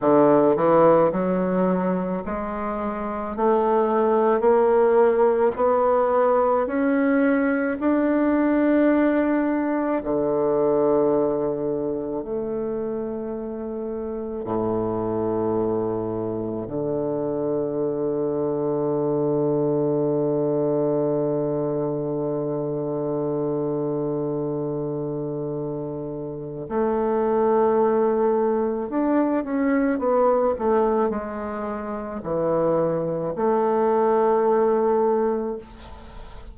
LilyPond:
\new Staff \with { instrumentName = "bassoon" } { \time 4/4 \tempo 4 = 54 d8 e8 fis4 gis4 a4 | ais4 b4 cis'4 d'4~ | d'4 d2 a4~ | a4 a,2 d4~ |
d1~ | d1 | a2 d'8 cis'8 b8 a8 | gis4 e4 a2 | }